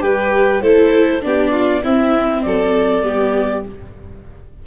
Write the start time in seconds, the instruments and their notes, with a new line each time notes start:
0.00 tuba G3, viola G4, violin B4, clarinet G5
0.61 tuba A3, viola E4, violin A4, clarinet C5
1.21 tuba B3, viola D4, violin G4, clarinet D5
1.52 violin F4
1.83 tuba C4, viola C4, violin E4, clarinet E5
2.42 tuba F#3, violin A4, clarinet D5
3.02 tuba G3, viola B3, violin G4